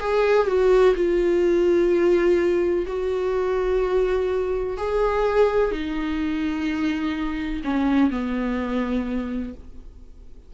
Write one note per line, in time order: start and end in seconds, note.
0.00 0.47 G#4
0.47 0.95 F#4
0.96 2.86 F4
2.87 4.77 F#4
4.77 5.71 G#4
5.71 7.62 D#4
7.65 8.11 C#4
8.11 9.54 B3